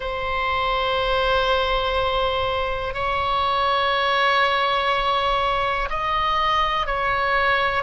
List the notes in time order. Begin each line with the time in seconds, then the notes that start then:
0.00 C5
2.93 C#5
5.89 D#5
6.86 C#5